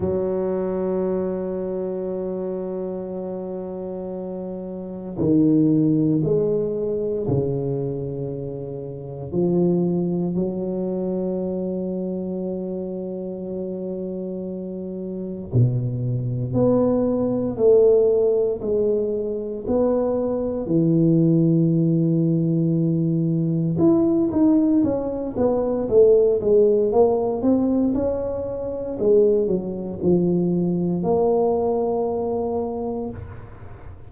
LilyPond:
\new Staff \with { instrumentName = "tuba" } { \time 4/4 \tempo 4 = 58 fis1~ | fis4 dis4 gis4 cis4~ | cis4 f4 fis2~ | fis2. b,4 |
b4 a4 gis4 b4 | e2. e'8 dis'8 | cis'8 b8 a8 gis8 ais8 c'8 cis'4 | gis8 fis8 f4 ais2 | }